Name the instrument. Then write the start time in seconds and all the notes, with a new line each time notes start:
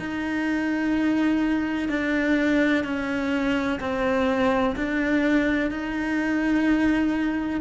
cello
0.00 D#4
1.89 D4
2.84 C#4
3.81 C4
4.77 D4
5.71 D#4